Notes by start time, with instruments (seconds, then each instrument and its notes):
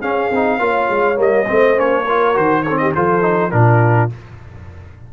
0.00 tuba C#4, trombone C#4, horn G#4, trumpet F5
0.31 tuba C4, trombone D#4
0.59 tuba A#3, trombone F4, horn C#5
0.90 tuba G#3
1.16 tuba G3, trombone A#3, trumpet D#5
1.47 tuba A3, trombone C4, horn C5
1.76 tuba A#3, trombone C#4, trumpet C#5
2.03 trombone F4, horn A#4
2.34 tuba D#3, trombone F#4, trumpet C5
2.63 horn A4, trumpet C#5
2.70 trombone C4
2.78 horn G4, trumpet D#5
2.95 tuba F3, trombone F4, horn A4, trumpet C5
3.22 trombone D#4
3.51 tuba A#2, trombone D4, horn F4, trumpet A#4